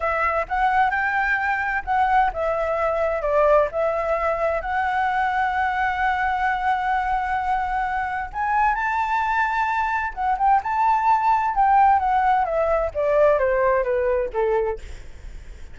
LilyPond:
\new Staff \with { instrumentName = "flute" } { \time 4/4 \tempo 4 = 130 e''4 fis''4 g''2 | fis''4 e''2 d''4 | e''2 fis''2~ | fis''1~ |
fis''2 gis''4 a''4~ | a''2 fis''8 g''8 a''4~ | a''4 g''4 fis''4 e''4 | d''4 c''4 b'4 a'4 | }